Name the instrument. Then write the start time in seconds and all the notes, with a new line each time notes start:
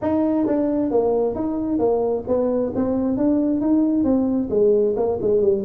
tuba
0.01 D#4
0.46 D4
0.90 A#3
1.35 D#4
1.78 A#3
2.27 B3
2.75 C4
3.17 D4
3.60 D#4
4.04 C4
4.50 G#3
4.96 A#3
5.21 G#3
5.41 G3